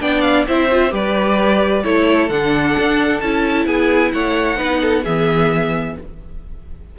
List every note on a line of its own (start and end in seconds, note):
0.00 0.46 B3
0.00 0.46 D4
0.00 0.46 D5
0.00 0.21 G5
0.21 0.44 F5
0.47 0.91 C4
0.47 0.70 E4
0.47 0.91 C5
0.47 0.93 E5
0.71 0.89 F4
0.89 1.83 G3
0.89 1.81 G4
0.89 1.83 B4
0.89 1.83 D5
1.83 2.29 A3
1.83 2.29 E4
1.83 3.66 A4
1.83 2.29 C#5
2.29 2.75 D3
2.29 3.22 D4
2.29 3.19 F#5
2.77 3.21 D4
3.19 3.65 C#4
3.19 4.56 E4
3.19 3.65 A5
3.65 4.11 B3
3.65 4.12 G#4
3.65 4.12 G#5
4.12 4.60 A3
4.12 4.57 C#5
4.12 5.04 F#5
4.56 5.05 B3
4.56 5.02 D#4
4.56 4.80 B4
4.81 5.03 A4
5.03 5.97 E3
5.03 5.98 B3
5.03 5.94 G#4
5.03 5.96 E5